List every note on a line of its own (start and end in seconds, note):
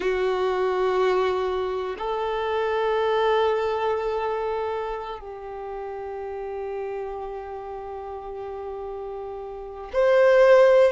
0.00 1.97 F#4
1.98 5.19 A4
5.19 9.90 G4
9.93 10.92 C5